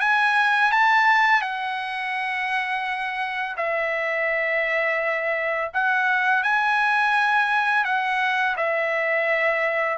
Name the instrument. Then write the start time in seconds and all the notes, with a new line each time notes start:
trumpet
0.00 G#5
0.71 A5
1.41 F#5
3.57 E5
5.73 F#5
6.43 G#5
7.84 F#5
8.57 E5